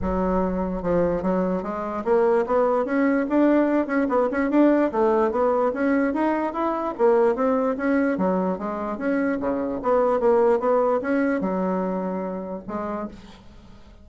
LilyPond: \new Staff \with { instrumentName = "bassoon" } { \time 4/4 \tempo 4 = 147 fis2 f4 fis4 | gis4 ais4 b4 cis'4 | d'4. cis'8 b8 cis'8 d'4 | a4 b4 cis'4 dis'4 |
e'4 ais4 c'4 cis'4 | fis4 gis4 cis'4 cis4 | b4 ais4 b4 cis'4 | fis2. gis4 | }